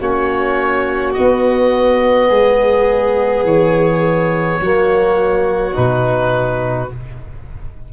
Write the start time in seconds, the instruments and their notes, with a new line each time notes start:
0.00 tuba A#3, trombone C#4, violin F#4, oboe C#5
1.13 trombone B3, tuba B3, oboe D#5
2.28 tuba G#3, violin G#4
3.44 tuba E3, oboe C#5
4.61 tuba F#3, trombone A#3, violin F#4
5.73 tuba B2, trombone D#4, oboe B4